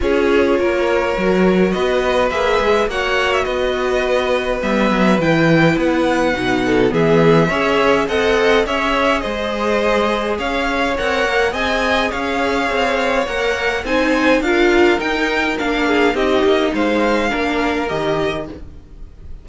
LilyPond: <<
  \new Staff \with { instrumentName = "violin" } { \time 4/4 \tempo 4 = 104 cis''2. dis''4 | e''4 fis''8. e''16 dis''2 | e''4 g''4 fis''2 | e''2 fis''4 e''4 |
dis''2 f''4 fis''4 | gis''4 f''2 fis''4 | gis''4 f''4 g''4 f''4 | dis''4 f''2 dis''4 | }
  \new Staff \with { instrumentName = "violin" } { \time 4/4 gis'4 ais'2 b'4~ | b'4 cis''4 b'2~ | b'2.~ b'8 a'8 | gis'4 cis''4 dis''4 cis''4 |
c''2 cis''2 | dis''4 cis''2. | c''4 ais'2~ ais'8 gis'8 | g'4 c''4 ais'2 | }
  \new Staff \with { instrumentName = "viola" } { \time 4/4 f'2 fis'2 | gis'4 fis'2. | b4 e'2 dis'4 | b4 gis'4 a'4 gis'4~ |
gis'2. ais'4 | gis'2. ais'4 | dis'4 f'4 dis'4 d'4 | dis'2 d'4 g'4 | }
  \new Staff \with { instrumentName = "cello" } { \time 4/4 cis'4 ais4 fis4 b4 | ais8 gis8 ais4 b2 | g8 fis8 e4 b4 b,4 | e4 cis'4 c'4 cis'4 |
gis2 cis'4 c'8 ais8 | c'4 cis'4 c'4 ais4 | c'4 d'4 dis'4 ais4 | c'8 ais8 gis4 ais4 dis4 | }
>>